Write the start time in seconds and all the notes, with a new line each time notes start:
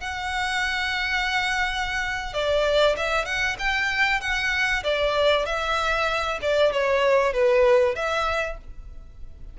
0.00 F#5
2.33 D5
2.96 E5
3.25 F#5
3.59 G5
4.20 F#5
4.83 D5
5.45 E5
6.41 D5
6.72 C#5
7.33 B4
7.95 E5